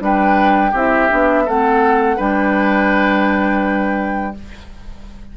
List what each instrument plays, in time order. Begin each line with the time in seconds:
0.00 bassoon G3, clarinet D4, oboe B4, flute G5
0.72 bassoon C4, clarinet E4, oboe G4, flute E5
1.10 bassoon B3, clarinet D4
1.46 bassoon A3, clarinet C4, oboe A4, flute F#5
2.17 bassoon G3, clarinet D4, oboe B4, flute G5